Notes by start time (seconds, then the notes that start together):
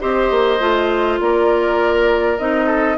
0.00 C4 G4 C5 D#5
0.31 A#3
0.60 A3 F4
1.20 A#3 A#4 D5
2.38 C4 D#4 D#5
2.66 A4